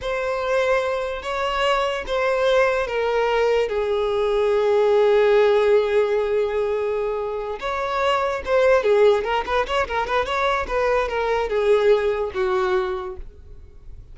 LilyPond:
\new Staff \with { instrumentName = "violin" } { \time 4/4 \tempo 4 = 146 c''2. cis''4~ | cis''4 c''2 ais'4~ | ais'4 gis'2.~ | gis'1~ |
gis'2~ gis'8 cis''4.~ | cis''8 c''4 gis'4 ais'8 b'8 cis''8 | ais'8 b'8 cis''4 b'4 ais'4 | gis'2 fis'2 | }